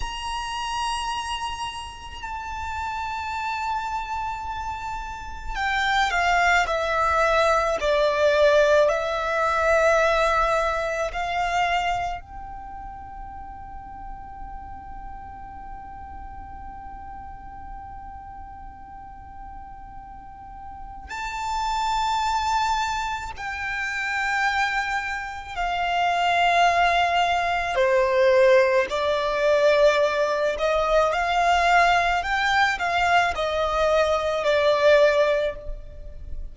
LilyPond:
\new Staff \with { instrumentName = "violin" } { \time 4/4 \tempo 4 = 54 ais''2 a''2~ | a''4 g''8 f''8 e''4 d''4 | e''2 f''4 g''4~ | g''1~ |
g''2. a''4~ | a''4 g''2 f''4~ | f''4 c''4 d''4. dis''8 | f''4 g''8 f''8 dis''4 d''4 | }